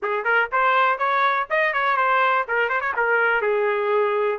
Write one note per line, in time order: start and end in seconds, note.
0.02 0.24 G#4
0.24 0.49 A#4
0.52 0.98 C5
0.98 1.47 C#5
1.49 1.73 D#5
1.73 1.96 C#5
1.96 2.45 C5
2.48 2.69 A#4
2.69 2.80 C5
2.80 2.93 C#5
2.96 3.41 A#4
3.41 4.39 G#4